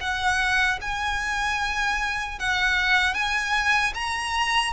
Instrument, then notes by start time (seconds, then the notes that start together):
violin
0.00 F#5
0.81 G#5
2.39 F#5
3.14 G#5
3.94 A#5